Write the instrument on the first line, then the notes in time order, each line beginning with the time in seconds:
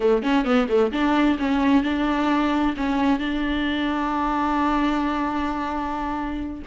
viola
0.00 A3
0.22 C#4
0.44 B3
0.68 A3
0.91 D4
1.39 C#4
1.83 D4
2.76 C#4
3.19 D4